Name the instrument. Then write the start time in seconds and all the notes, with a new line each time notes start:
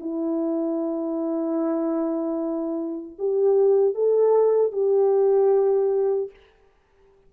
horn
0.00 E4
3.18 G4
3.94 A4
4.72 G4